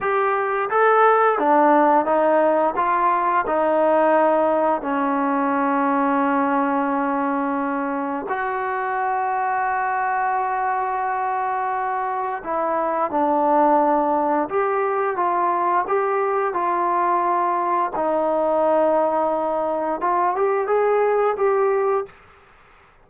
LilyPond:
\new Staff \with { instrumentName = "trombone" } { \time 4/4 \tempo 4 = 87 g'4 a'4 d'4 dis'4 | f'4 dis'2 cis'4~ | cis'1 | fis'1~ |
fis'2 e'4 d'4~ | d'4 g'4 f'4 g'4 | f'2 dis'2~ | dis'4 f'8 g'8 gis'4 g'4 | }